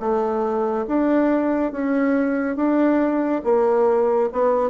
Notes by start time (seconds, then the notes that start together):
0.00 A3
0.88 D4
1.72 C#4
2.56 D4
3.44 A#3
4.32 B3